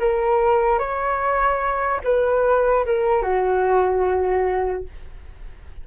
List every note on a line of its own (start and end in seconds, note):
0.00 0.79 A#4
0.79 2.01 C#5
2.05 2.86 B4
2.86 3.23 A#4
3.23 4.85 F#4